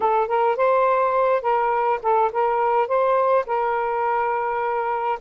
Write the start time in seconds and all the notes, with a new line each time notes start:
0.00 A4
0.27 A#4
0.56 C5
1.42 A#4
2.02 A4
2.32 A#4
2.87 C5
3.46 A#4